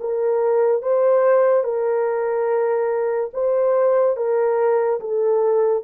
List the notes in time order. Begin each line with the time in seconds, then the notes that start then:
0.00 A#4
0.82 C5
1.64 A#4
3.33 C5
4.16 A#4
5.00 A4